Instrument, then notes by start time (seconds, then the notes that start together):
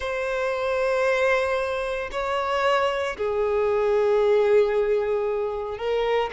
violin
0.00 C5
2.11 C#5
3.17 G#4
5.78 A#4